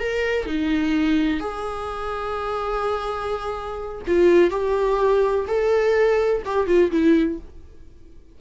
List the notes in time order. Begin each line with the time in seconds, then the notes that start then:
0.00 A#4
0.47 D#4
1.40 G#4
4.08 F4
4.51 G4
5.48 A4
6.46 G4
6.68 F4
6.92 E4